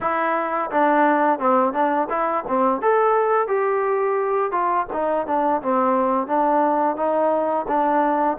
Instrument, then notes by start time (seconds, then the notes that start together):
trombone
0.00 E4
0.70 D4
1.39 C4
1.73 D4
2.09 E4
2.47 C4
2.81 A4
3.47 G4
4.51 F4
4.92 D#4
5.26 D4
5.62 C4
6.27 D4
6.96 D#4
7.67 D4